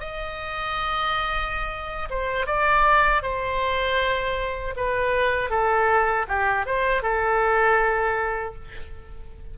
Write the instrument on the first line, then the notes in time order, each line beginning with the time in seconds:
oboe
0.00 D#5
2.10 C5
2.46 D5
3.22 C5
4.76 B4
5.50 A4
6.28 G4
6.66 C5
7.03 A4